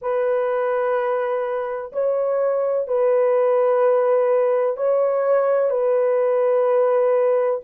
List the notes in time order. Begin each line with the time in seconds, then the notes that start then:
0.01 B4
1.92 C#5
2.87 B4
4.76 C#5
5.69 B4